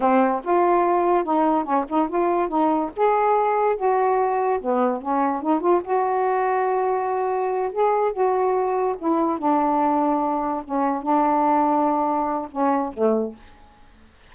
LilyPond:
\new Staff \with { instrumentName = "saxophone" } { \time 4/4 \tempo 4 = 144 c'4 f'2 dis'4 | cis'8 dis'8 f'4 dis'4 gis'4~ | gis'4 fis'2 b4 | cis'4 dis'8 f'8 fis'2~ |
fis'2~ fis'8 gis'4 fis'8~ | fis'4. e'4 d'4.~ | d'4. cis'4 d'4.~ | d'2 cis'4 a4 | }